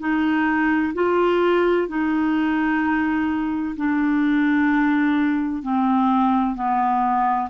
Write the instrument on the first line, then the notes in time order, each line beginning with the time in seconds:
clarinet
0.00 D#4
0.95 F4
1.89 D#4
3.77 D4
5.63 C4
6.55 B3